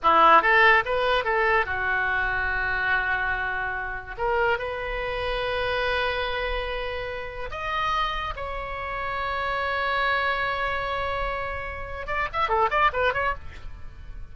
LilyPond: \new Staff \with { instrumentName = "oboe" } { \time 4/4 \tempo 4 = 144 e'4 a'4 b'4 a'4 | fis'1~ | fis'2 ais'4 b'4~ | b'1~ |
b'2 dis''2 | cis''1~ | cis''1~ | cis''4 d''8 e''8 a'8 d''8 b'8 cis''8 | }